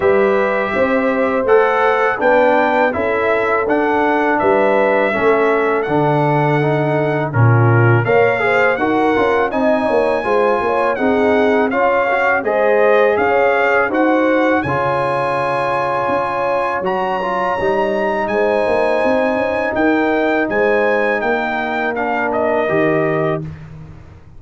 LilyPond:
<<
  \new Staff \with { instrumentName = "trumpet" } { \time 4/4 \tempo 4 = 82 e''2 fis''4 g''4 | e''4 fis''4 e''2 | fis''2 ais'4 f''4 | fis''4 gis''2 fis''4 |
f''4 dis''4 f''4 fis''4 | gis''2. ais''4~ | ais''4 gis''2 g''4 | gis''4 g''4 f''8 dis''4. | }
  \new Staff \with { instrumentName = "horn" } { \time 4/4 b'4 c''2 b'4 | a'2 b'4 a'4~ | a'2 f'4 cis''8 c''8 | ais'4 dis''8 cis''8 c''8 cis''8 gis'4 |
cis''4 c''4 cis''4 c''4 | cis''1~ | cis''4 c''2 ais'4 | c''4 ais'2. | }
  \new Staff \with { instrumentName = "trombone" } { \time 4/4 g'2 a'4 d'4 | e'4 d'2 cis'4 | d'4 dis'4 cis'4 ais'8 gis'8 | fis'8 f'8 dis'4 f'4 dis'4 |
f'8 fis'8 gis'2 fis'4 | f'2. fis'8 f'8 | dis'1~ | dis'2 d'4 g'4 | }
  \new Staff \with { instrumentName = "tuba" } { \time 4/4 g4 c'4 a4 b4 | cis'4 d'4 g4 a4 | d2 ais,4 ais4 | dis'8 cis'8 c'8 ais8 gis8 ais8 c'4 |
cis'4 gis4 cis'4 dis'4 | cis2 cis'4 fis4 | g4 gis8 ais8 c'8 cis'8 dis'4 | gis4 ais2 dis4 | }
>>